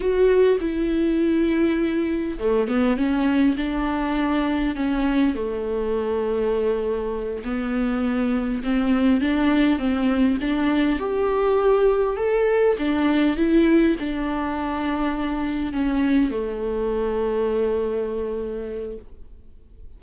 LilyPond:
\new Staff \with { instrumentName = "viola" } { \time 4/4 \tempo 4 = 101 fis'4 e'2. | a8 b8 cis'4 d'2 | cis'4 a2.~ | a8 b2 c'4 d'8~ |
d'8 c'4 d'4 g'4.~ | g'8 a'4 d'4 e'4 d'8~ | d'2~ d'8 cis'4 a8~ | a1 | }